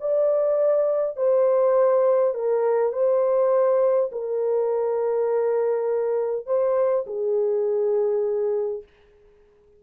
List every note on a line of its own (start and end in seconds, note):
0.00 1.17 D5
1.17 2.34 C5
2.34 2.92 A#4
2.92 4.10 C5
4.12 6.46 A#4
6.46 7.05 C5
7.06 8.83 G#4